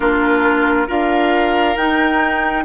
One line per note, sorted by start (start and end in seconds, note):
0.00 0.88 A#3
0.00 0.87 D4
0.00 0.87 F4
0.00 0.87 A#4
0.87 1.76 D4
0.87 1.76 F4
0.87 2.64 A#4
0.87 1.76 F5
1.76 2.64 D#4
1.76 2.64 G5